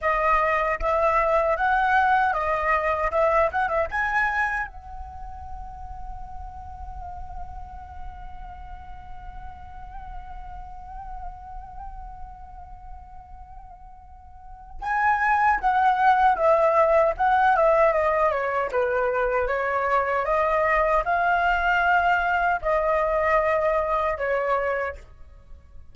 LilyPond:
\new Staff \with { instrumentName = "flute" } { \time 4/4 \tempo 4 = 77 dis''4 e''4 fis''4 dis''4 | e''8 fis''16 e''16 gis''4 fis''2~ | fis''1~ | fis''1~ |
fis''2. gis''4 | fis''4 e''4 fis''8 e''8 dis''8 cis''8 | b'4 cis''4 dis''4 f''4~ | f''4 dis''2 cis''4 | }